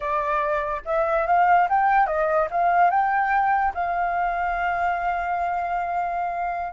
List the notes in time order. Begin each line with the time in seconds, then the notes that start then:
0.00 D5
0.85 E5
1.26 F5
1.69 G5
2.07 D#5
2.50 F5
2.90 G5
3.74 F5